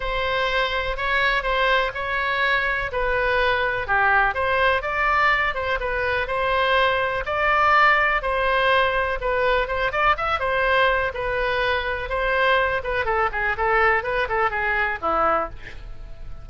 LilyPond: \new Staff \with { instrumentName = "oboe" } { \time 4/4 \tempo 4 = 124 c''2 cis''4 c''4 | cis''2 b'2 | g'4 c''4 d''4. c''8 | b'4 c''2 d''4~ |
d''4 c''2 b'4 | c''8 d''8 e''8 c''4. b'4~ | b'4 c''4. b'8 a'8 gis'8 | a'4 b'8 a'8 gis'4 e'4 | }